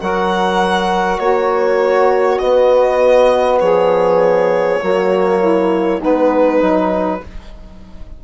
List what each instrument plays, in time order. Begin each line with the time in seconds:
0.00 bassoon F#3, trombone F#4, saxophone A#4, violin F#5
1.19 bassoon A#3, saxophone F#4, violin C#5
2.39 trombone B3, bassoon B3, violin D#5
3.60 bassoon F3, saxophone G#4, violin C#5
4.80 bassoon F#3, trombone A#3, saxophone F#4
5.41 saxophone E4
5.99 bassoon G#3, trombone B3, saxophone D#4, violin B4
6.60 bassoon F#3, trombone D#4